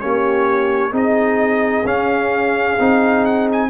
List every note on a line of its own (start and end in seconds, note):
0.00 0.92 A#3
0.00 0.92 C#4
0.00 0.91 G4
0.00 0.93 C#5
0.91 1.84 C4
0.91 1.84 D#4
0.91 3.68 G#4
0.91 1.86 D#5
1.84 2.77 C#4
1.84 2.78 C#4
1.84 3.25 F5
2.79 3.69 C4
2.79 3.69 D#4
3.25 3.48 F#5
3.52 3.69 G#5